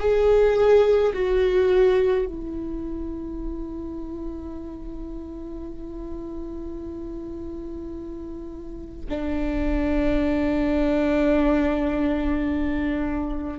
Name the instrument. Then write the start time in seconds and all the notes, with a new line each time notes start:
viola
0.00 G#4
1.14 F#4
2.26 E4
9.10 D4